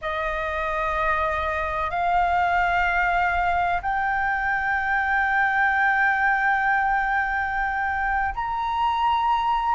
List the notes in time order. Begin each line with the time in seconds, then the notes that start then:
0.01 D#5
1.90 F5
3.81 G5
8.35 A#5